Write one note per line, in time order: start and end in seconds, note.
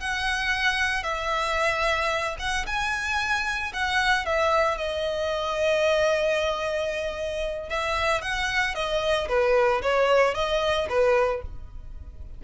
0.00 1.04 F#5
1.04 2.36 E5
2.39 2.66 F#5
2.66 3.73 G#5
3.73 4.26 F#5
4.26 4.78 E5
4.78 7.69 D#5
7.69 8.22 E5
8.22 8.75 F#5
8.75 9.28 D#5
9.28 9.82 B4
9.82 10.34 C#5
10.34 10.87 D#5
10.89 11.42 B4